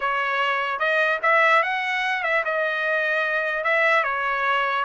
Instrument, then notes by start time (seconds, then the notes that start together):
trumpet
0.00 C#5
0.79 D#5
1.22 E5
1.62 F#5
2.23 E5
2.44 D#5
3.64 E5
4.03 C#5